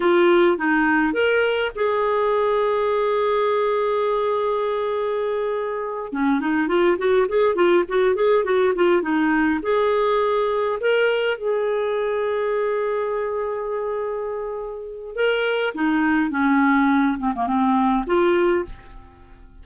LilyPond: \new Staff \with { instrumentName = "clarinet" } { \time 4/4 \tempo 4 = 103 f'4 dis'4 ais'4 gis'4~ | gis'1~ | gis'2~ gis'8 cis'8 dis'8 f'8 | fis'8 gis'8 f'8 fis'8 gis'8 fis'8 f'8 dis'8~ |
dis'8 gis'2 ais'4 gis'8~ | gis'1~ | gis'2 ais'4 dis'4 | cis'4. c'16 ais16 c'4 f'4 | }